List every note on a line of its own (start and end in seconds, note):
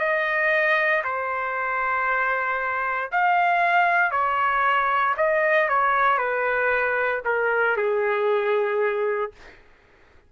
0.00 1.03 D#5
1.04 3.11 C5
3.12 4.11 F5
4.11 5.15 C#5
5.17 5.69 D#5
5.69 6.18 C#5
6.18 7.22 B4
7.25 7.77 A#4
7.77 9.32 G#4